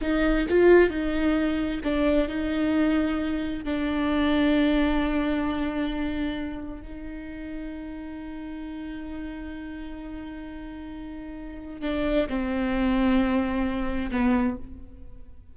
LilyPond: \new Staff \with { instrumentName = "viola" } { \time 4/4 \tempo 4 = 132 dis'4 f'4 dis'2 | d'4 dis'2. | d'1~ | d'2. dis'4~ |
dis'1~ | dis'1~ | dis'2 d'4 c'4~ | c'2. b4 | }